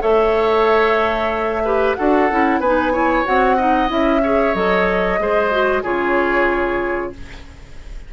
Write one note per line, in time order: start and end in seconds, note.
0.00 1.96 A3
0.00 1.61 A4
0.00 1.62 C#5
0.00 1.94 E5
1.64 1.97 G4
1.64 1.96 B4
1.94 2.31 D4
1.94 2.29 F#4
1.94 2.60 A4
1.94 2.59 F#5
2.30 2.59 C#4
2.30 2.62 E4
2.59 3.24 B3
2.59 2.92 D#4
2.59 2.92 B4
2.59 3.25 G#5
2.92 3.24 E4
2.92 3.56 C#5
3.24 3.90 C4
3.24 3.56 F#4
3.24 3.90 F#5
3.56 3.87 D#4
3.56 4.21 D#5
3.87 4.54 C#4
3.87 4.20 E4
3.87 4.54 E5
4.22 4.54 G#4
4.22 5.19 C#5
4.54 5.18 F#3
4.54 5.18 A4
4.54 5.83 D#5
5.18 5.83 G#3
5.18 5.51 G#4
5.18 5.83 C5
5.51 5.83 F#4
5.83 7.13 C#3
5.83 7.12 F4
5.83 7.12 G#4
5.83 7.12 C#5